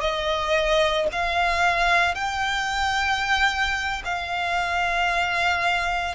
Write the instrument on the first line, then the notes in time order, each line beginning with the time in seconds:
violin
0.00 D#5
1.12 F5
2.15 G5
4.05 F5